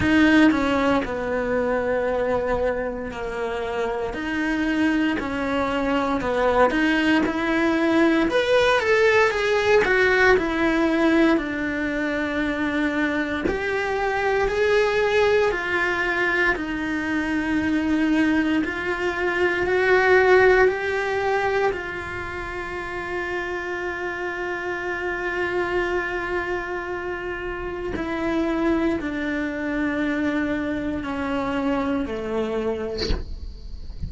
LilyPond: \new Staff \with { instrumentName = "cello" } { \time 4/4 \tempo 4 = 58 dis'8 cis'8 b2 ais4 | dis'4 cis'4 b8 dis'8 e'4 | b'8 a'8 gis'8 fis'8 e'4 d'4~ | d'4 g'4 gis'4 f'4 |
dis'2 f'4 fis'4 | g'4 f'2.~ | f'2. e'4 | d'2 cis'4 a4 | }